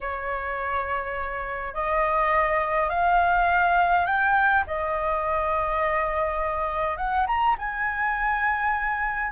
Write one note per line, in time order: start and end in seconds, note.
0.00 1.73 C#5
1.73 2.89 D#5
2.89 4.05 F5
4.05 4.64 G5
4.67 6.97 D#5
6.97 7.26 F#5
7.27 7.56 A#5
7.58 9.32 G#5